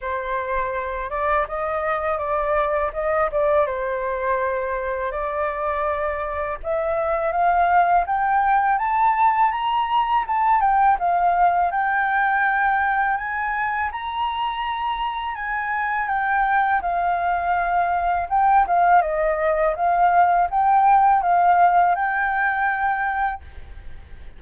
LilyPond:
\new Staff \with { instrumentName = "flute" } { \time 4/4 \tempo 4 = 82 c''4. d''8 dis''4 d''4 | dis''8 d''8 c''2 d''4~ | d''4 e''4 f''4 g''4 | a''4 ais''4 a''8 g''8 f''4 |
g''2 gis''4 ais''4~ | ais''4 gis''4 g''4 f''4~ | f''4 g''8 f''8 dis''4 f''4 | g''4 f''4 g''2 | }